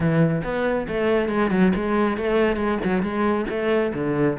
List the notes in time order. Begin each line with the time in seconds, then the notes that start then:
0.00 E3
0.43 B3
0.88 A3
1.28 G#3
1.50 F#3
1.75 G#3
2.17 A3
2.56 G#3
2.84 F#3
3.02 G#3
3.49 A3
3.94 D3